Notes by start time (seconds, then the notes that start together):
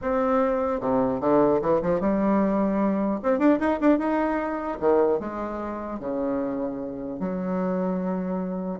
0.01 C4
0.80 C3
1.20 D3
1.61 E3
1.81 F3
2.00 G3
3.23 C4
3.39 D4
3.59 D#4
3.80 D4
3.98 D#4
4.79 D#3
5.19 G#3
5.99 C#3
7.19 F#3